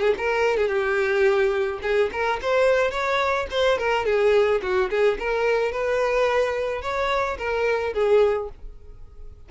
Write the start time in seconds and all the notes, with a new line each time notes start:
0.00 G#4
0.18 A#4
0.57 G#4
0.68 G4
1.82 G#4
2.12 A#4
2.42 C5
2.91 C#5
3.51 C5
3.78 A#4
4.05 G#4
4.62 F#4
4.90 G#4
5.19 A#4
5.71 B4
6.82 C#5
7.38 A#4
7.93 G#4